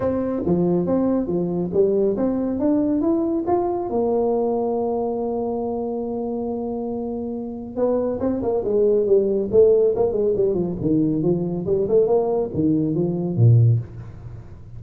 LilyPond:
\new Staff \with { instrumentName = "tuba" } { \time 4/4 \tempo 4 = 139 c'4 f4 c'4 f4 | g4 c'4 d'4 e'4 | f'4 ais2.~ | ais1~ |
ais2 b4 c'8 ais8 | gis4 g4 a4 ais8 gis8 | g8 f8 dis4 f4 g8 a8 | ais4 dis4 f4 ais,4 | }